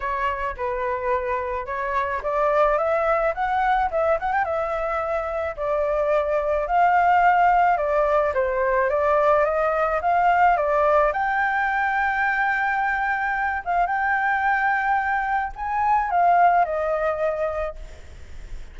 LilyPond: \new Staff \with { instrumentName = "flute" } { \time 4/4 \tempo 4 = 108 cis''4 b'2 cis''4 | d''4 e''4 fis''4 e''8 fis''16 g''16 | e''2 d''2 | f''2 d''4 c''4 |
d''4 dis''4 f''4 d''4 | g''1~ | g''8 f''8 g''2. | gis''4 f''4 dis''2 | }